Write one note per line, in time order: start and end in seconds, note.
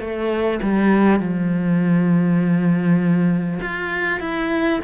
0.00 0.60 A3
0.62 1.19 G3
1.19 3.59 F3
3.61 4.21 F4
4.21 4.81 E4